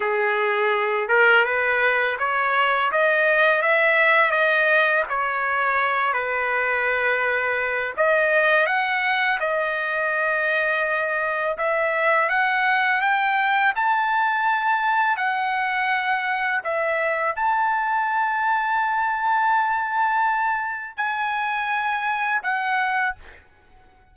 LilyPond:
\new Staff \with { instrumentName = "trumpet" } { \time 4/4 \tempo 4 = 83 gis'4. ais'8 b'4 cis''4 | dis''4 e''4 dis''4 cis''4~ | cis''8 b'2~ b'8 dis''4 | fis''4 dis''2. |
e''4 fis''4 g''4 a''4~ | a''4 fis''2 e''4 | a''1~ | a''4 gis''2 fis''4 | }